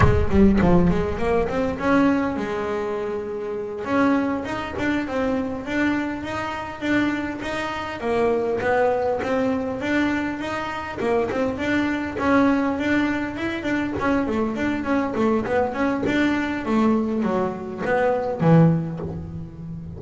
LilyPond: \new Staff \with { instrumentName = "double bass" } { \time 4/4 \tempo 4 = 101 gis8 g8 f8 gis8 ais8 c'8 cis'4 | gis2~ gis8 cis'4 dis'8 | d'8 c'4 d'4 dis'4 d'8~ | d'8 dis'4 ais4 b4 c'8~ |
c'8 d'4 dis'4 ais8 c'8 d'8~ | d'8 cis'4 d'4 e'8 d'8 cis'8 | a8 d'8 cis'8 a8 b8 cis'8 d'4 | a4 fis4 b4 e4 | }